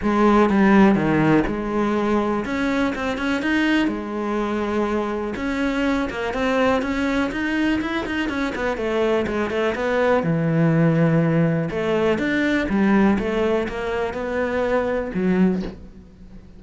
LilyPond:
\new Staff \with { instrumentName = "cello" } { \time 4/4 \tempo 4 = 123 gis4 g4 dis4 gis4~ | gis4 cis'4 c'8 cis'8 dis'4 | gis2. cis'4~ | cis'8 ais8 c'4 cis'4 dis'4 |
e'8 dis'8 cis'8 b8 a4 gis8 a8 | b4 e2. | a4 d'4 g4 a4 | ais4 b2 fis4 | }